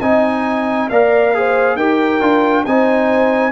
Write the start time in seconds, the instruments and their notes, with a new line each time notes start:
0.00 tuba C4, trombone D#4, horn D#5, trumpet G#5
0.89 tuba A#3, trombone A#4, horn D5, trumpet F5
1.34 trombone G#4, horn C5
1.76 tuba D#4, trombone G4, horn A#4, trumpet G5
2.21 tuba D4, trombone F4
2.65 tuba C4, trombone D#4, horn C5, trumpet G#5